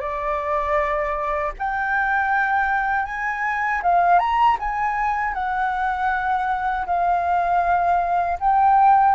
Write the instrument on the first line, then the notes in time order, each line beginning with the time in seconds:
flute
0.00 D5
1.58 G5
3.05 G#5
3.83 F5
4.19 A#5
4.59 G#5
5.33 F#5
6.86 F5
8.40 G5